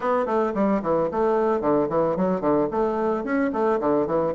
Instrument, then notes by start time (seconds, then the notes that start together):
bassoon
0.00 B3
0.26 A3
0.54 G3
0.82 E3
1.11 A3
1.60 D3
1.89 E3
2.16 F#3
2.41 D3
2.71 A3
3.23 C#4
3.52 A3
3.80 D3
4.06 E3